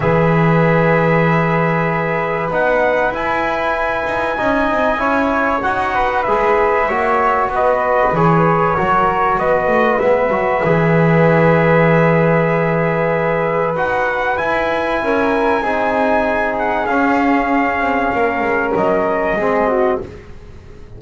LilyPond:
<<
  \new Staff \with { instrumentName = "trumpet" } { \time 4/4 \tempo 4 = 96 e''1 | fis''4 gis''2.~ | gis''4 fis''4 e''2 | dis''4 cis''2 dis''4 |
e''1~ | e''2 fis''4 gis''4~ | gis''2~ gis''8 fis''8 f''4~ | f''2 dis''2 | }
  \new Staff \with { instrumentName = "flute" } { \time 4/4 b'1~ | b'2. dis''4 | cis''4. b'4. cis''4 | b'2 ais'4 b'4~ |
b'1~ | b'1 | ais'4 gis'2.~ | gis'4 ais'2 gis'8 fis'8 | }
  \new Staff \with { instrumentName = "trombone" } { \time 4/4 gis'1 | dis'4 e'2 dis'4 | e'4 fis'4 gis'4 fis'4~ | fis'4 gis'4 fis'2 |
b8 fis'8 gis'2.~ | gis'2 fis'4 e'4~ | e'4 dis'2 cis'4~ | cis'2. c'4 | }
  \new Staff \with { instrumentName = "double bass" } { \time 4/4 e1 | b4 e'4. dis'8 cis'8 c'8 | cis'4 dis'4 gis4 ais4 | b4 e4 fis4 b8 a8 |
gis8 fis8 e2.~ | e2 dis'4 e'4 | cis'4 c'2 cis'4~ | cis'8 c'8 ais8 gis8 fis4 gis4 | }
>>